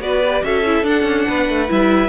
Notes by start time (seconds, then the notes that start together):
0.00 B3 F#4 B4 D5
0.23 G4
0.43 C#4 F#4 A4 E5
0.65 E4
0.83 D4 F#5
1.03 C#4
1.28 B3 B4
1.48 A3
1.68 G3 E4 E5